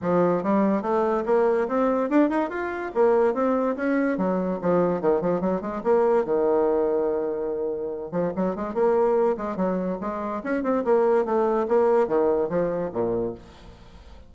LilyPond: \new Staff \with { instrumentName = "bassoon" } { \time 4/4 \tempo 4 = 144 f4 g4 a4 ais4 | c'4 d'8 dis'8 f'4 ais4 | c'4 cis'4 fis4 f4 | dis8 f8 fis8 gis8 ais4 dis4~ |
dis2.~ dis8 f8 | fis8 gis8 ais4. gis8 fis4 | gis4 cis'8 c'8 ais4 a4 | ais4 dis4 f4 ais,4 | }